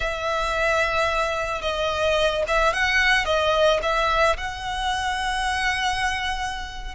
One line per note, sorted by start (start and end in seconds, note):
0.00 1.61 E5
1.61 2.43 D#5
2.47 2.73 E5
2.73 3.25 F#5
3.25 3.79 D#5
3.82 4.36 E5
4.37 6.94 F#5